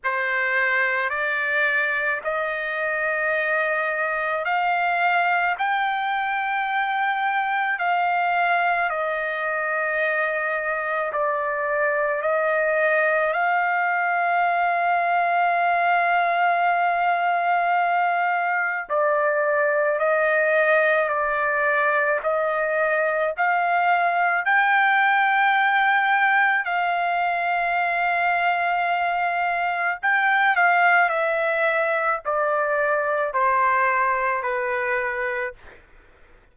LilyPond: \new Staff \with { instrumentName = "trumpet" } { \time 4/4 \tempo 4 = 54 c''4 d''4 dis''2 | f''4 g''2 f''4 | dis''2 d''4 dis''4 | f''1~ |
f''4 d''4 dis''4 d''4 | dis''4 f''4 g''2 | f''2. g''8 f''8 | e''4 d''4 c''4 b'4 | }